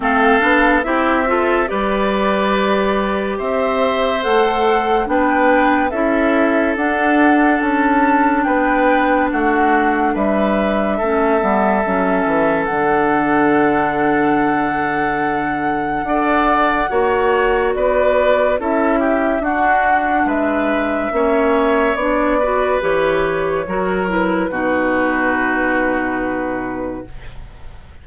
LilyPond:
<<
  \new Staff \with { instrumentName = "flute" } { \time 4/4 \tempo 4 = 71 f''4 e''4 d''2 | e''4 fis''4 g''4 e''4 | fis''4 a''4 g''4 fis''4 | e''2. fis''4~ |
fis''1~ | fis''4 d''4 e''4 fis''4 | e''2 d''4 cis''4~ | cis''8 b'2.~ b'8 | }
  \new Staff \with { instrumentName = "oboe" } { \time 4/4 a'4 g'8 a'8 b'2 | c''2 b'4 a'4~ | a'2 b'4 fis'4 | b'4 a'2.~ |
a'2. d''4 | cis''4 b'4 a'8 g'8 fis'4 | b'4 cis''4. b'4. | ais'4 fis'2. | }
  \new Staff \with { instrumentName = "clarinet" } { \time 4/4 c'8 d'8 e'8 f'8 g'2~ | g'4 a'4 d'4 e'4 | d'1~ | d'4 cis'8 b8 cis'4 d'4~ |
d'2. a'4 | fis'2 e'4 d'4~ | d'4 cis'4 d'8 fis'8 g'4 | fis'8 e'8 dis'2. | }
  \new Staff \with { instrumentName = "bassoon" } { \time 4/4 a8 b8 c'4 g2 | c'4 a4 b4 cis'4 | d'4 cis'4 b4 a4 | g4 a8 g8 fis8 e8 d4~ |
d2. d'4 | ais4 b4 cis'4 d'4 | gis4 ais4 b4 e4 | fis4 b,2. | }
>>